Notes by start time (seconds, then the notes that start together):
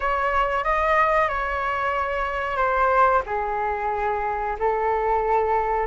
0.00 C#5
0.64 D#5
1.28 C#5
2.56 C5
3.25 G#4
4.59 A4